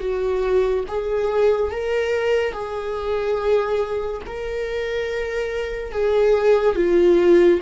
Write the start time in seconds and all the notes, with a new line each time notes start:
0.00 F#4
0.88 G#4
1.72 A#4
2.53 G#4
4.27 A#4
5.92 G#4
6.76 F4